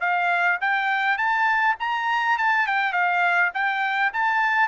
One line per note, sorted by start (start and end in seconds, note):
0.00 0.58 F5
0.60 1.17 G5
1.17 1.76 A5
1.80 2.38 A#5
2.38 2.67 A5
2.67 2.93 G5
2.93 3.51 F5
3.54 4.12 G5
4.13 4.68 A5